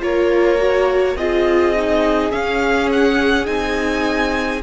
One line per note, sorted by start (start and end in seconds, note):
0.00 1.15 A#3
0.00 0.58 F4
0.00 1.17 A#4
0.00 1.17 C#5
0.58 1.15 F#4
1.15 2.30 C4
1.15 1.75 F4
1.15 4.62 G#4
1.15 2.31 D#5
1.75 2.31 D#4
2.31 3.45 C#4
2.31 3.47 C#4
2.31 2.89 F5
2.92 3.46 F#5
3.45 4.62 C4
3.45 4.60 D#4
3.45 4.61 G#5